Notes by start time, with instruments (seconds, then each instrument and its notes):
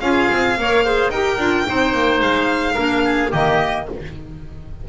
0.00 double bass C#4, clarinet F4, oboe G#4, violin F5
0.31 double bass C4
0.58 double bass A#3, clarinet A#4, oboe C#5
0.84 clarinet G#4, oboe C5
1.09 double bass D#4, clarinet G4, oboe A#4, violin G5
1.38 double bass D4, clarinet F4
1.66 double bass C4, clarinet D#4, oboe C5
1.94 double bass A#3
2.21 double bass G#3, violin F5
2.74 double bass A#3, clarinet D4, oboe A#4
3.05 oboe G#4
3.31 double bass D#3, clarinet A#3, oboe G4, violin D#5